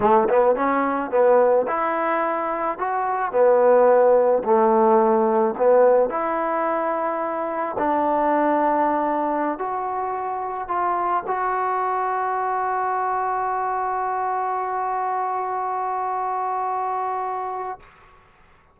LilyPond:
\new Staff \with { instrumentName = "trombone" } { \time 4/4 \tempo 4 = 108 a8 b8 cis'4 b4 e'4~ | e'4 fis'4 b2 | a2 b4 e'4~ | e'2 d'2~ |
d'4~ d'16 fis'2 f'8.~ | f'16 fis'2.~ fis'8.~ | fis'1~ | fis'1 | }